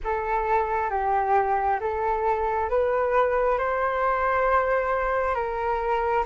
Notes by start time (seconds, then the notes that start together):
0.04 A4
0.90 G4
1.80 A4
2.69 B4
3.58 C5
5.34 A#4